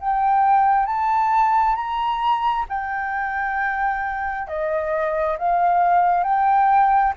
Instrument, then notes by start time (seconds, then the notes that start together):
flute
0.00 G5
0.86 A5
1.75 A#5
2.69 G5
4.48 D#5
5.38 F5
6.24 G5